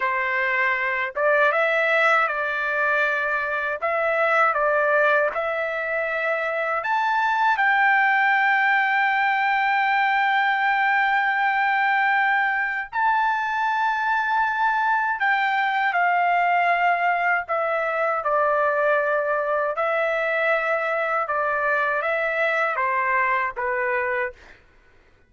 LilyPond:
\new Staff \with { instrumentName = "trumpet" } { \time 4/4 \tempo 4 = 79 c''4. d''8 e''4 d''4~ | d''4 e''4 d''4 e''4~ | e''4 a''4 g''2~ | g''1~ |
g''4 a''2. | g''4 f''2 e''4 | d''2 e''2 | d''4 e''4 c''4 b'4 | }